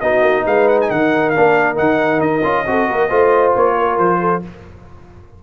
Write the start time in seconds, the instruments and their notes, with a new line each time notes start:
0.00 tuba B3, trombone D#4, horn F#4, trumpet D#5
0.21 tuba A#3
0.45 tuba G#3, horn B4, trumpet F5
0.68 trumpet F#5
0.81 trumpet G#5
0.89 tuba D#3, horn A#4, trumpet F#5
1.30 trombone D4, trumpet F5
1.36 tuba A#3
1.75 tuba D#3, trombone D#4, trumpet F#5
2.20 tuba D#4, trumpet D#5
2.43 tuba C#4, trombone F4
2.66 tuba C4, trombone F#4, horn A4
2.88 tuba A#3, horn A#4
3.09 tuba A3, trombone F4, horn C5
3.56 tuba A#3, trumpet C#5
3.78 horn A#4
3.98 tuba F3, trumpet C5
4.20 horn A4